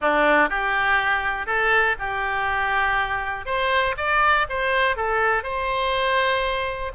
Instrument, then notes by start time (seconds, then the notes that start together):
oboe
0.01 D4
0.49 G4
1.46 A4
1.99 G4
3.45 C5
3.97 D5
4.49 C5
4.96 A4
5.43 C5